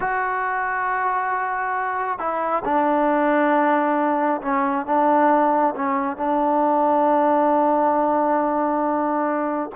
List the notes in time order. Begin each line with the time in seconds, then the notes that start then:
0.00 F#4
2.18 E4
2.65 D4
4.41 C#4
4.86 D4
5.75 C#4
6.16 D4